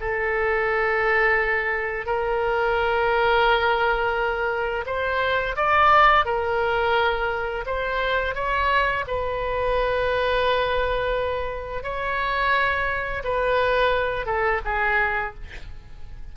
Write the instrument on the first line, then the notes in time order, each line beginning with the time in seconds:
oboe
0.00 A4
2.05 A#4
4.86 C5
5.56 D5
6.25 A#4
7.66 C5
8.35 C#5
9.07 B4
11.83 C#5
13.24 B4
14.26 A4
14.64 G#4